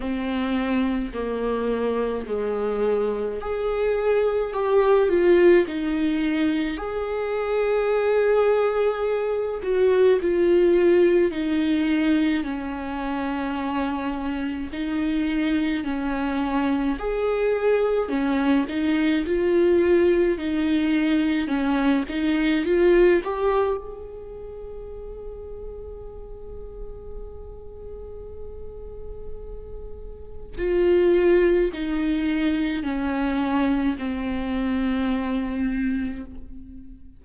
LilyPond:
\new Staff \with { instrumentName = "viola" } { \time 4/4 \tempo 4 = 53 c'4 ais4 gis4 gis'4 | g'8 f'8 dis'4 gis'2~ | gis'8 fis'8 f'4 dis'4 cis'4~ | cis'4 dis'4 cis'4 gis'4 |
cis'8 dis'8 f'4 dis'4 cis'8 dis'8 | f'8 g'8 gis'2.~ | gis'2. f'4 | dis'4 cis'4 c'2 | }